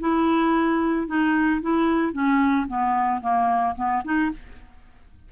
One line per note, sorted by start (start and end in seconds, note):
0.00 1.07 E4
1.07 1.61 D#4
1.62 2.13 E4
2.13 2.67 C#4
2.68 3.21 B3
3.21 3.75 A#3
3.76 4.03 B3
4.04 4.31 D#4